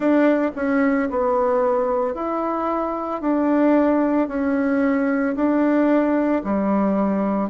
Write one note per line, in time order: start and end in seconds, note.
0.00 0.51 D4
0.56 1.09 C#4
1.10 2.14 B3
2.14 3.21 E4
3.21 4.28 D4
4.28 5.35 C#4
5.35 6.42 D4
6.44 7.50 G3